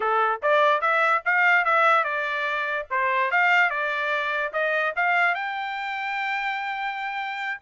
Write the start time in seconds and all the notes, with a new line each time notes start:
0.00 A4
0.42 D5
0.81 E5
1.25 F5
1.64 E5
2.04 D5
2.90 C5
3.31 F5
3.69 D5
4.52 D#5
4.95 F5
5.34 G5